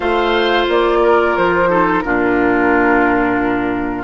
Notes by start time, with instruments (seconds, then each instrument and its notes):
0.00 bassoon A3, clarinet F4, oboe C5, flute F5
0.69 bassoon A#3, flute D5
1.02 oboe A#4
1.37 bassoon F3, flute C5
1.69 clarinet D#4, oboe A4
2.01 bassoon A#2, clarinet D4, oboe F4, flute A#4